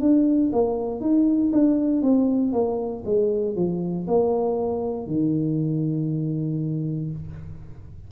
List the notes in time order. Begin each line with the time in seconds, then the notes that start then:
0.00 D4
0.53 A#3
1.01 D#4
1.53 D4
2.02 C4
2.53 A#3
3.06 G#3
3.56 F3
4.08 A#3
5.07 D#3